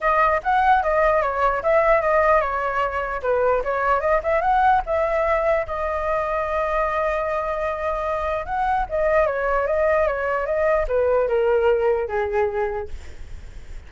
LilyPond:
\new Staff \with { instrumentName = "flute" } { \time 4/4 \tempo 4 = 149 dis''4 fis''4 dis''4 cis''4 | e''4 dis''4 cis''2 | b'4 cis''4 dis''8 e''8 fis''4 | e''2 dis''2~ |
dis''1~ | dis''4 fis''4 dis''4 cis''4 | dis''4 cis''4 dis''4 b'4 | ais'2 gis'2 | }